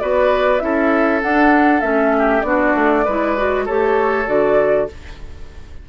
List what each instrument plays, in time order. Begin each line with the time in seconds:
0.00 bassoon B3, clarinet F#4, oboe B4, flute D5
0.60 bassoon C#4, clarinet E4, oboe A4, flute E5
1.22 clarinet D4, bassoon D4, flute F#5
1.81 bassoon A3, clarinet C#4, flute E5
2.18 oboe G4
2.42 bassoon B3, clarinet D4, oboe F#4, flute D5
2.75 bassoon A3
3.05 bassoon G#3, clarinet E4, oboe B4
3.37 clarinet F#4
3.66 bassoon A3, clarinet G4, oboe A4, flute C#5
4.26 bassoon D3, clarinet F#4, flute D5